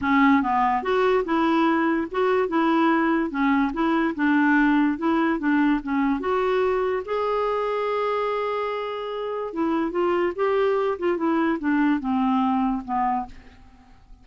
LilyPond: \new Staff \with { instrumentName = "clarinet" } { \time 4/4 \tempo 4 = 145 cis'4 b4 fis'4 e'4~ | e'4 fis'4 e'2 | cis'4 e'4 d'2 | e'4 d'4 cis'4 fis'4~ |
fis'4 gis'2.~ | gis'2. e'4 | f'4 g'4. f'8 e'4 | d'4 c'2 b4 | }